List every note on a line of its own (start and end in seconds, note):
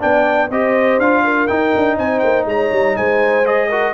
0.00 0.50 B3
0.00 0.49 D4
0.00 0.50 D5
0.00 0.51 G5
0.50 0.99 C4
0.50 1.02 G4
0.50 1.23 C5
0.50 1.00 D#5
0.99 1.48 D4
0.99 1.48 F4
0.99 1.47 F5
1.24 1.98 A#4
1.47 3.45 D#4
1.47 1.74 D#4
1.47 1.97 G5
1.76 1.98 D4
1.98 2.23 C4
1.98 2.48 C5
1.98 2.19 G#5
2.19 2.46 A#3
2.19 2.44 G5
2.46 2.70 G#3
2.46 2.98 C#5
2.46 2.97 A#5
2.72 2.97 G3
2.97 3.94 G#3
2.97 3.69 C5
2.97 3.46 G#5
3.46 3.71 G#4
3.46 3.94 D#5
3.69 3.94 F#4
3.69 3.94 A#4